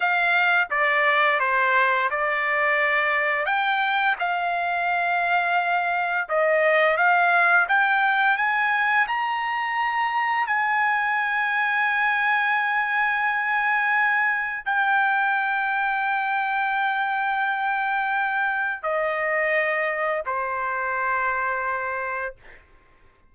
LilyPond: \new Staff \with { instrumentName = "trumpet" } { \time 4/4 \tempo 4 = 86 f''4 d''4 c''4 d''4~ | d''4 g''4 f''2~ | f''4 dis''4 f''4 g''4 | gis''4 ais''2 gis''4~ |
gis''1~ | gis''4 g''2.~ | g''2. dis''4~ | dis''4 c''2. | }